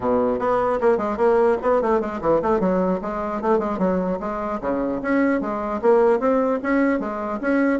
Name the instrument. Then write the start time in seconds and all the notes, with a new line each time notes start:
bassoon
0.00 B2
0.39 B3
0.80 A#3
0.97 G#3
1.17 A#3
1.61 B3
1.81 A3
2.00 G#3
2.21 E3
2.41 A3
2.60 F#3
3.01 G#3
3.41 A3
3.59 G#3
3.78 F#3
4.20 G#3
4.61 C#3
5.02 C#4
5.40 G#3
5.81 A#3
6.19 C4
6.62 C#4
6.99 G#3
7.41 C#4